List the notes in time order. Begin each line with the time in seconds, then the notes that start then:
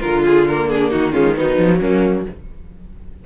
0.00 D3 F4 A#4
0.26 G#4
0.48 A#3 A#4
0.70 D4 G#4
0.90 D#3 D#4 F#4
1.12 G#3 C#4 F4
1.37 F#3 B3 D#4
1.58 F3
1.80 F#3 A#3 C#4